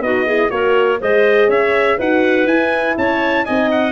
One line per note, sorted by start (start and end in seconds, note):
0.00 0.49 B3
0.00 0.27 D#4
0.00 0.25 F#4
0.00 0.50 D#5
0.25 0.49 E4
0.25 0.50 G#4
0.49 1.00 A#3
0.49 0.98 F#4
0.49 1.00 A#4
0.49 0.99 C#5
1.00 1.48 G#3
1.00 2.00 G#4
1.00 1.48 C5
1.00 1.50 D#5
1.48 1.97 C#4
1.48 1.97 C#5
1.48 1.99 E5
1.97 2.45 D#4
1.97 2.47 F#4
1.97 2.95 B4
1.97 2.47 F#5
2.45 2.94 E4
2.45 3.46 E4
2.45 2.96 G#5
2.97 3.47 C#4
2.97 3.45 C#5
2.97 3.45 A5
3.45 3.92 C4
3.45 3.92 D#4
3.45 3.92 D#5
3.45 3.69 G#5
3.71 3.92 F#5